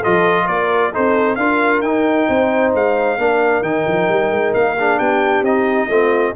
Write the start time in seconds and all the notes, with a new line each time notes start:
0.00 F4 A4 D#5
0.06 F3
0.46 A#3 A#4 D5
0.93 C4 D#4 A4 C5
1.36 D4 F4 A#4 F5
1.82 D#4 G5
2.29 C4 C5
2.75 G#3 F5
3.19 A#3 D4 A#4
3.62 D#3 D#4 G5
3.87 F3
4.09 G3
4.31 G#3
4.54 A#3 F5
4.77 D4 G#4
4.98 B3 G4 G5
5.42 C4 D#4 D#5
5.89 A3 C4 F4